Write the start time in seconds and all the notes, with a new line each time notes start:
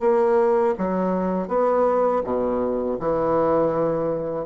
0.00 A#3
0.78 F#3
1.48 B3
2.24 B2
2.99 E3